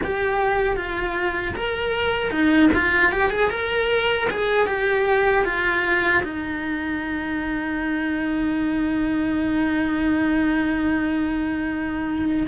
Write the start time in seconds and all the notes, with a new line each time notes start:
0.04 G4
0.76 F4
1.55 A#4
2.30 D#4
2.73 F4
3.12 G4
3.30 G#4
3.50 A#4
4.30 G#4
4.66 G4
5.44 F4
6.23 D#4